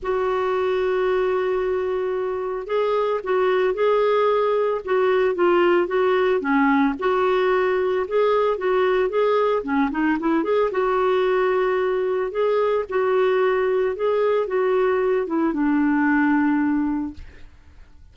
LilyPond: \new Staff \with { instrumentName = "clarinet" } { \time 4/4 \tempo 4 = 112 fis'1~ | fis'4 gis'4 fis'4 gis'4~ | gis'4 fis'4 f'4 fis'4 | cis'4 fis'2 gis'4 |
fis'4 gis'4 cis'8 dis'8 e'8 gis'8 | fis'2. gis'4 | fis'2 gis'4 fis'4~ | fis'8 e'8 d'2. | }